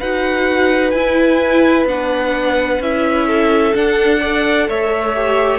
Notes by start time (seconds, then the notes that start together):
0.00 D#4 F#4 B4 F#5
0.91 E4 G#5
1.86 B3 D4 F#5
2.80 C#4 E4 E5
3.28 A4
3.74 D4 F#5
4.21 A4 D5
4.69 A3 C#5 E5
5.16 G4